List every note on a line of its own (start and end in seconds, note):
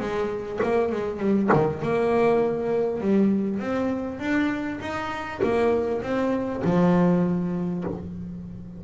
0.00 0.60 G#3
0.63 0.92 A#3
0.92 1.20 G#3
1.20 1.50 G3
1.53 1.82 D#3
1.82 3.01 A#3
3.01 3.59 G3
3.59 4.19 C4
4.20 4.80 D4
4.81 5.41 D#4
5.43 6.03 A#3
6.03 6.63 C4
6.65 7.85 F3